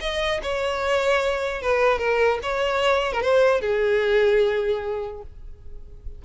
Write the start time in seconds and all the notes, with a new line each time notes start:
0.00 D#5
0.42 C#5
1.61 B4
1.98 A#4
2.42 C#5
3.12 A#4
3.22 C5
3.61 G#4